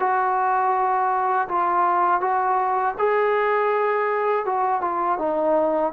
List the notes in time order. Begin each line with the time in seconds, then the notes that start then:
0.00 F#4
1.48 F4
2.21 F#4
2.99 G#4
4.46 F#4
4.81 F4
5.19 D#4